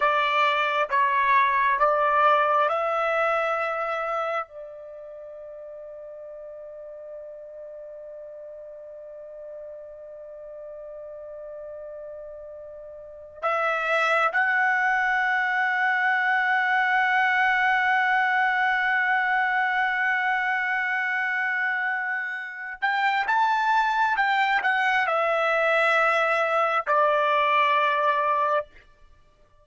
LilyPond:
\new Staff \with { instrumentName = "trumpet" } { \time 4/4 \tempo 4 = 67 d''4 cis''4 d''4 e''4~ | e''4 d''2.~ | d''1~ | d''2. e''4 |
fis''1~ | fis''1~ | fis''4. g''8 a''4 g''8 fis''8 | e''2 d''2 | }